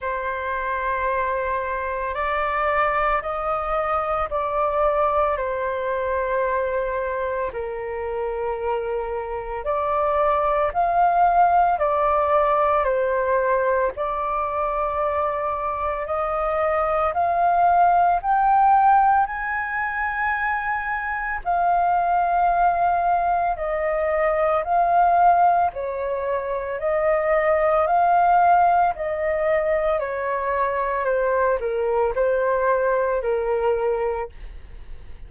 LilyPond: \new Staff \with { instrumentName = "flute" } { \time 4/4 \tempo 4 = 56 c''2 d''4 dis''4 | d''4 c''2 ais'4~ | ais'4 d''4 f''4 d''4 | c''4 d''2 dis''4 |
f''4 g''4 gis''2 | f''2 dis''4 f''4 | cis''4 dis''4 f''4 dis''4 | cis''4 c''8 ais'8 c''4 ais'4 | }